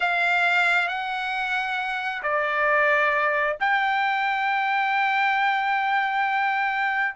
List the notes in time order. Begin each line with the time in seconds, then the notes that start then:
0.00 F5
0.88 F#5
2.22 D5
3.60 G5